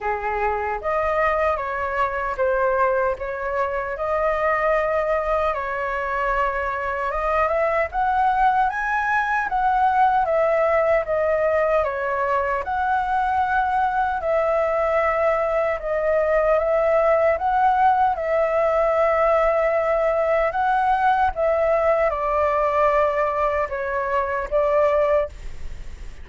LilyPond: \new Staff \with { instrumentName = "flute" } { \time 4/4 \tempo 4 = 76 gis'4 dis''4 cis''4 c''4 | cis''4 dis''2 cis''4~ | cis''4 dis''8 e''8 fis''4 gis''4 | fis''4 e''4 dis''4 cis''4 |
fis''2 e''2 | dis''4 e''4 fis''4 e''4~ | e''2 fis''4 e''4 | d''2 cis''4 d''4 | }